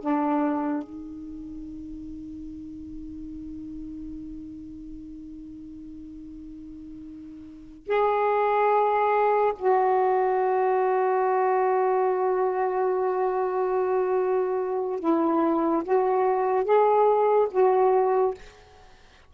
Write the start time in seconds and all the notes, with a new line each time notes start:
0.00 D4
0.83 D#4
7.87 G#4
9.58 F#4
14.99 E4
15.83 F#4
16.64 G#4
17.51 F#4